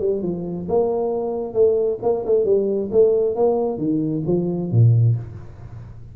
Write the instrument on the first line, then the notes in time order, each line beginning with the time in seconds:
tuba
0.00 G3
0.22 F3
0.68 A#3
1.54 A3
2.02 A#3
2.25 A3
2.45 G3
2.92 A3
3.36 A#3
3.78 D#3
4.26 F3
4.71 A#2